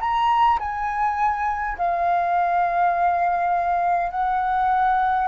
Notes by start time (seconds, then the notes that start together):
0.00 A#5
0.59 G#5
1.78 F5
4.11 F#5